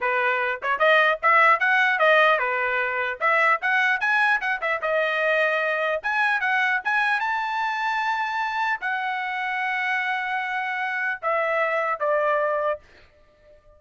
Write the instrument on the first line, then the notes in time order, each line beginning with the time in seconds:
trumpet
0.00 B4
0.62 C#5
0.79 D#5
1.22 E5
1.59 F#5
1.98 D#5
2.38 B4
3.20 E5
3.61 F#5
4.00 G#5
4.40 F#5
4.61 E5
4.81 D#5
6.03 G#5
6.40 F#5
6.84 G#5
7.20 A5
8.80 F#5
11.22 E5
11.99 D5